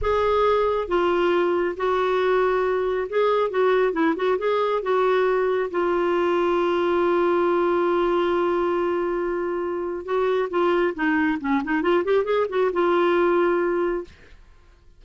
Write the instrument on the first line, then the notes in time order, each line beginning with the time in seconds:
clarinet
0.01 G#4
0.88 F4
1.76 F#4
3.09 G#4
3.50 F#4
3.92 E4
4.16 F#4
4.38 G#4
4.82 F#4
5.71 F4
10.05 F#4
10.50 F4
10.94 D#4
11.40 C#4
11.64 D#4
11.81 F4
12.04 G4
12.24 G#4
12.49 F#4
12.72 F4